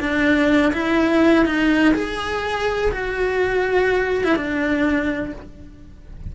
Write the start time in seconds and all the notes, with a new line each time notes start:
0.00 D4
0.73 E4
1.46 D#4
1.94 G#4
2.92 F#4
4.24 E4
4.36 D4